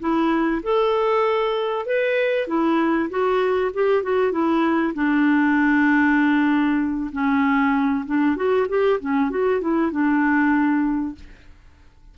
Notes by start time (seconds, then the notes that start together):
0.00 E4
0.63 A4
1.86 B4
2.47 E4
3.10 F#4
3.74 G4
4.03 F#4
4.32 E4
4.94 D4
7.12 C#4
8.06 D4
8.36 F#4
8.69 G4
9.00 C#4
9.30 F#4
9.61 E4
9.91 D4